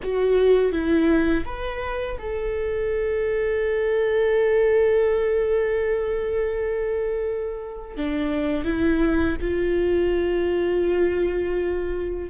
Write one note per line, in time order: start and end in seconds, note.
0.02 0.72 F#4
0.72 1.44 E4
1.45 2.17 B4
2.18 7.96 A4
7.96 8.64 D4
8.64 9.36 E4
9.40 12.30 F4